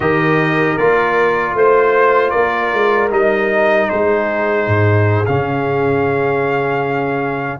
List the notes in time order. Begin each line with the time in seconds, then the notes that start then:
0.00 D#3 G4 A#4 D#5
0.77 A#3 F4 D5
1.54 A3 C5
2.30 A#3 A#4 D5
2.73 G#3
3.10 G3 D#4 D#5
3.89 G#3 G#4 C5
4.67 G#2
5.25 C#3 C#4 F5